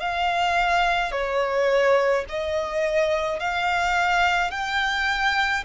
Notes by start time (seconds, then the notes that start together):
0.00 F5
1.12 C#5
2.29 D#5
3.40 F5
4.51 G5